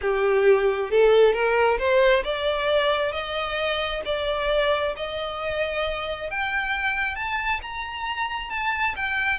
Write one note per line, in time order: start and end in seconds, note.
0.01 0.90 G4
0.90 1.33 A4
1.33 1.78 A#4
1.78 2.23 C5
2.23 3.11 D5
3.11 4.01 D#5
4.05 4.94 D5
4.96 6.30 D#5
6.30 7.15 G5
7.15 7.60 A5
7.61 8.50 A#5
8.50 8.94 A5
8.96 9.39 G5